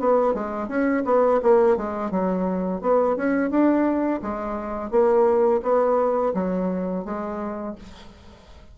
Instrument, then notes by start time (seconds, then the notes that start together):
bassoon
0.00 B3
0.34 G#3
0.68 C#4
1.05 B3
1.43 A#3
1.77 G#3
2.11 F#3
2.82 B3
3.17 C#4
3.51 D4
4.22 G#3
4.91 A#3
5.63 B3
6.34 F#3
7.05 G#3